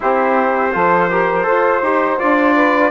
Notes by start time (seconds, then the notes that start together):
0.00 C4 E4 G4 C5
0.72 F3 F4 A4
1.09 G4 A#4
1.43 F4 A4 C5
1.82 D#4 G4
2.19 D4 F4 D5
2.55 B4